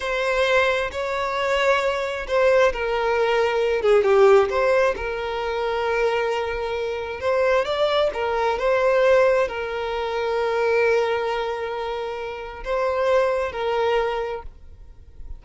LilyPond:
\new Staff \with { instrumentName = "violin" } { \time 4/4 \tempo 4 = 133 c''2 cis''2~ | cis''4 c''4 ais'2~ | ais'8 gis'8 g'4 c''4 ais'4~ | ais'1 |
c''4 d''4 ais'4 c''4~ | c''4 ais'2.~ | ais'1 | c''2 ais'2 | }